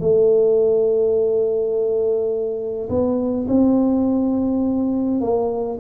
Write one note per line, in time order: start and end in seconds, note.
0.00 2.88 A3
2.89 3.47 B3
3.48 5.20 C4
5.20 5.78 A#3